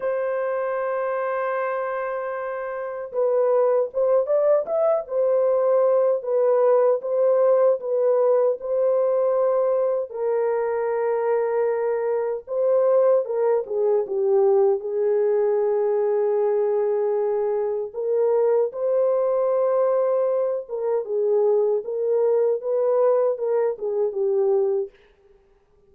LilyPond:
\new Staff \with { instrumentName = "horn" } { \time 4/4 \tempo 4 = 77 c''1 | b'4 c''8 d''8 e''8 c''4. | b'4 c''4 b'4 c''4~ | c''4 ais'2. |
c''4 ais'8 gis'8 g'4 gis'4~ | gis'2. ais'4 | c''2~ c''8 ais'8 gis'4 | ais'4 b'4 ais'8 gis'8 g'4 | }